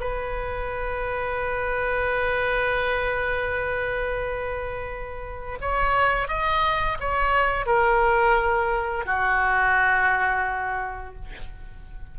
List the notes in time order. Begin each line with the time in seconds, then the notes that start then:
0.00 B4
5.61 C#5
6.28 D#5
7.00 C#5
7.66 A#4
9.05 F#4